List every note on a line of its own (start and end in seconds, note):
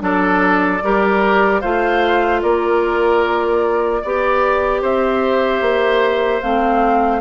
0.00 0.81 F#3
0.00 0.80 D4
0.00 0.83 A4
0.00 1.61 D5
0.83 1.63 G3
0.83 1.62 G4
0.83 1.61 A#4
1.61 2.43 A3
1.61 4.02 F4
1.61 2.41 C5
1.61 2.41 F5
2.41 4.03 A#3
2.41 4.02 A#4
2.41 4.81 D5
4.02 4.82 B3
4.02 6.42 G4
4.02 4.82 D5
4.82 5.61 C4
4.82 7.21 C5
4.82 6.41 E5
5.61 6.41 A#3
6.41 7.21 A3
6.41 7.21 C4
6.41 7.21 F5